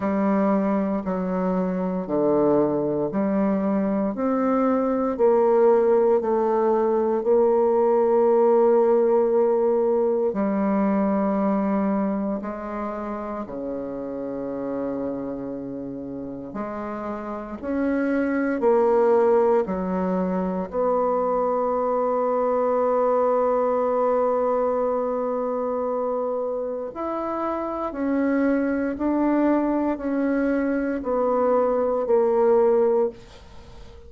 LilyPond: \new Staff \with { instrumentName = "bassoon" } { \time 4/4 \tempo 4 = 58 g4 fis4 d4 g4 | c'4 ais4 a4 ais4~ | ais2 g2 | gis4 cis2. |
gis4 cis'4 ais4 fis4 | b1~ | b2 e'4 cis'4 | d'4 cis'4 b4 ais4 | }